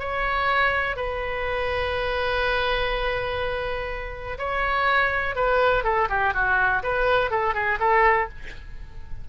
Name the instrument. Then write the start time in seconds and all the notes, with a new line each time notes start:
oboe
0.00 C#5
0.97 B4
4.39 C#5
5.36 B4
5.84 A4
6.10 G4
6.34 F#4
6.83 B4
7.31 A4
7.55 G#4
7.80 A4